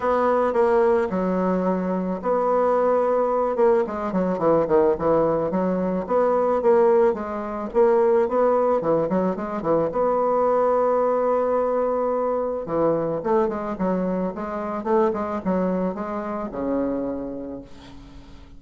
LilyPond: \new Staff \with { instrumentName = "bassoon" } { \time 4/4 \tempo 4 = 109 b4 ais4 fis2 | b2~ b8 ais8 gis8 fis8 | e8 dis8 e4 fis4 b4 | ais4 gis4 ais4 b4 |
e8 fis8 gis8 e8 b2~ | b2. e4 | a8 gis8 fis4 gis4 a8 gis8 | fis4 gis4 cis2 | }